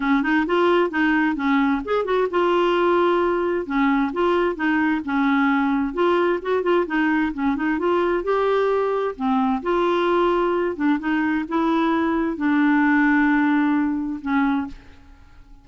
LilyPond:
\new Staff \with { instrumentName = "clarinet" } { \time 4/4 \tempo 4 = 131 cis'8 dis'8 f'4 dis'4 cis'4 | gis'8 fis'8 f'2. | cis'4 f'4 dis'4 cis'4~ | cis'4 f'4 fis'8 f'8 dis'4 |
cis'8 dis'8 f'4 g'2 | c'4 f'2~ f'8 d'8 | dis'4 e'2 d'4~ | d'2. cis'4 | }